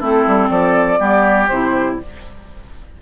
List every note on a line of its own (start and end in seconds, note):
0.00 0.26 A3
0.00 0.98 C4
0.00 0.50 E4
0.00 0.50 A4
0.27 0.50 G3
0.50 1.00 F3
0.50 1.00 A4
0.50 1.48 D5
0.98 1.50 G3
0.98 1.48 B3
0.98 1.99 G4
1.48 2.00 C3
1.48 2.02 E4
1.48 1.98 C5